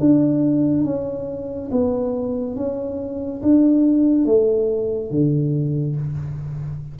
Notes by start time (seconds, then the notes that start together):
0.00 D4
0.84 C#4
1.72 B3
2.56 C#4
3.42 D4
4.26 A3
5.11 D3